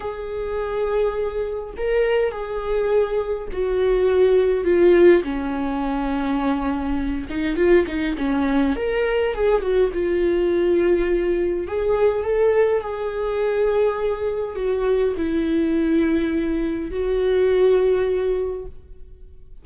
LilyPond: \new Staff \with { instrumentName = "viola" } { \time 4/4 \tempo 4 = 103 gis'2. ais'4 | gis'2 fis'2 | f'4 cis'2.~ | cis'8 dis'8 f'8 dis'8 cis'4 ais'4 |
gis'8 fis'8 f'2. | gis'4 a'4 gis'2~ | gis'4 fis'4 e'2~ | e'4 fis'2. | }